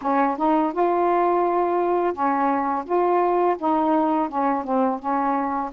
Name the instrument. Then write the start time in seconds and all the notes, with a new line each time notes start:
saxophone
0.01 C#4
0.37 D#4
0.72 F4
2.13 C#4
2.85 F4
3.58 D#4
4.29 C#4
4.64 C4
4.99 C#4